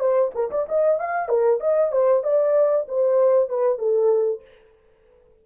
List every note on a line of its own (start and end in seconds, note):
0.00 0.32 C5
0.34 0.50 A#4
0.51 0.67 D5
0.69 0.99 D#5
0.99 1.29 F5
1.29 1.60 A#4
1.60 1.92 D#5
1.92 2.23 C5
2.23 2.87 D5
2.88 3.49 C5
3.49 3.78 B4
3.78 4.41 A4